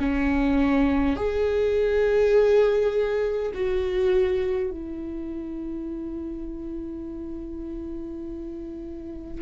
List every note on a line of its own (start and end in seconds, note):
0.00 1.17 C#4
1.17 3.52 G#4
3.55 4.71 F#4
4.71 9.42 E4